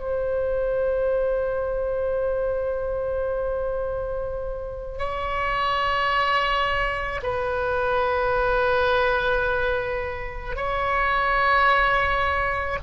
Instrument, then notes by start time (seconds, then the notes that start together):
oboe
0.00 C5
4.99 C#5
7.23 B4
10.57 C#5